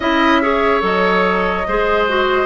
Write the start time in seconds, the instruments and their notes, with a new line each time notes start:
0.00 bassoon C#4, clarinet E4, oboe D#5, flute E5
0.42 clarinet G#4, oboe C#5
0.80 bassoon F#3, clarinet A4, flute D#5
1.67 bassoon G#3, clarinet G#4, oboe C5
2.08 clarinet F#4